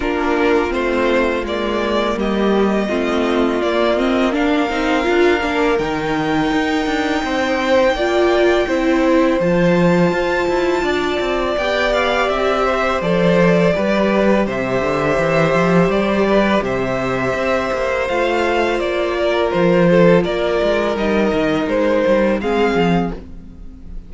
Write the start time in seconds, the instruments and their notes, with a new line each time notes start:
0.00 cello A#3, viola D4, violin F4 A#4
0.69 cello A3, viola C4, violin C5
1.43 cello G#3, viola A#3, violin D5
2.16 cello G3, violin G4 D#5
2.89 cello A3, viola C4, violin F4
3.61 cello A#3, viola A#3, violin D5
3.97 viola C4, violin D#5
4.32 viola D4, violin A#4 F5
4.69 cello C4, viola D#4
5.02 cello D4, viola F4
5.41 cello A#3, viola D4
5.78 cello D#3, viola D#4, violin G5
6.51 cello D#4
6.85 cello D4
7.23 cello C4, violin C5
7.93 cello A#3, viola F4, violin D5
8.67 cello C4, viola E4, violin C5
9.39 cello F3, viola F4, violin A5
10.11 cello F4
10.48 cello E4
10.82 cello D4, violin D5
11.20 cello C4
11.57 cello B3, viola G4, violin G5
11.93 violin F5
12.29 cello C4, violin E5
12.65 violin C5
13.01 cello F3, viola A4, violin D5
13.73 cello G3, viola G4, violin B4
14.46 cello C3, violin C5 E5
14.81 cello D3
15.17 cello E3
15.54 cello F3
15.87 cello G3, violin D5
16.27 violin B4
16.61 cello C3, violin C5 E5
17.33 cello C4
17.73 cello A#3
18.07 cello A3, viola F4, violin F5
18.79 cello A#3, violin D5
19.17 violin A#4
19.50 cello F3, violin C5
19.89 violin A4
20.23 cello A#3, violin A#4 D5
20.62 cello G#3
20.95 cello G3, viola D#4, violin D#5
21.32 cello D#3
21.67 cello G#3, violin C5
22.06 cello G3
22.40 cello G#3, viola C4, violin G#4 F5
22.74 cello F3